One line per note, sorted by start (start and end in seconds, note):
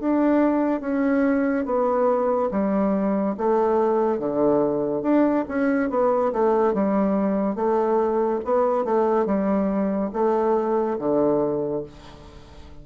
0.00 0.81 D4
0.81 1.65 C#4
1.65 2.50 B3
2.51 3.36 G3
3.37 4.19 A3
4.19 5.02 D3
5.02 5.44 D4
5.48 5.90 C#4
5.90 6.32 B3
6.32 6.74 A3
6.74 7.55 G3
7.55 8.40 A3
8.45 8.85 B3
8.85 9.26 A3
9.26 10.10 G3
10.13 10.97 A3
10.99 11.83 D3